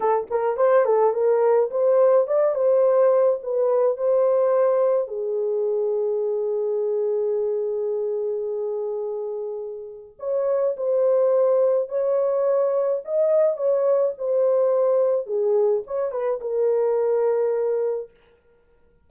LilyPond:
\new Staff \with { instrumentName = "horn" } { \time 4/4 \tempo 4 = 106 a'8 ais'8 c''8 a'8 ais'4 c''4 | d''8 c''4. b'4 c''4~ | c''4 gis'2.~ | gis'1~ |
gis'2 cis''4 c''4~ | c''4 cis''2 dis''4 | cis''4 c''2 gis'4 | cis''8 b'8 ais'2. | }